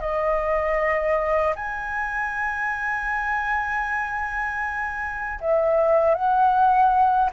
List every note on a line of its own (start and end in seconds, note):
0.00 1.54 D#5
1.55 5.40 G#5
5.41 6.15 E5
6.15 7.30 F#5